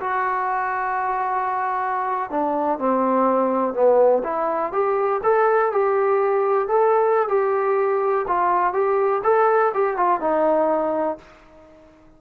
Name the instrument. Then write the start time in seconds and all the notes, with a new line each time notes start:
trombone
0.00 F#4
2.30 D4
2.79 C4
3.74 B3
4.24 E4
4.72 G4
5.23 A4
5.72 G4
6.68 A4
7.28 G4
8.28 F4
8.73 G4
9.23 A4
9.74 G4
9.97 F4
10.20 D#4